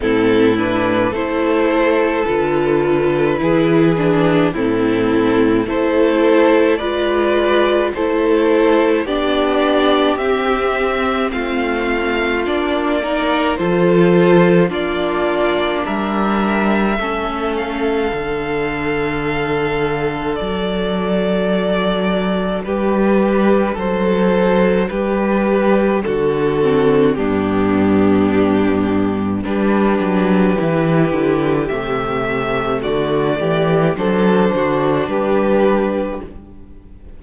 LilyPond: <<
  \new Staff \with { instrumentName = "violin" } { \time 4/4 \tempo 4 = 53 a'8 b'8 c''4 b'2 | a'4 c''4 d''4 c''4 | d''4 e''4 f''4 d''4 | c''4 d''4 e''4. f''8~ |
f''2 d''2 | b'4 c''4 b'4 a'4 | g'2 b'2 | e''4 d''4 c''4 b'4 | }
  \new Staff \with { instrumentName = "violin" } { \time 4/4 e'4 a'2 gis'4 | e'4 a'4 b'4 a'4 | g'2 f'4. ais'8 | a'4 f'4 ais'4 a'4~ |
a'1 | g'4 a'4 g'4 fis'4 | d'2 g'2~ | g'4 fis'8 g'8 a'8 fis'8 g'4 | }
  \new Staff \with { instrumentName = "viola" } { \time 4/4 c'8 d'8 e'4 f'4 e'8 d'8 | c'4 e'4 f'4 e'4 | d'4 c'2 d'8 dis'8 | f'4 d'2 cis'4 |
d'1~ | d'2.~ d'8 c'8 | b2 d'4 e'4 | a2 d'2 | }
  \new Staff \with { instrumentName = "cello" } { \time 4/4 a,4 a4 d4 e4 | a,4 a4 gis4 a4 | b4 c'4 a4 ais4 | f4 ais4 g4 a4 |
d2 fis2 | g4 fis4 g4 d4 | g,2 g8 fis8 e8 d8 | c4 d8 e8 fis8 d8 g4 | }
>>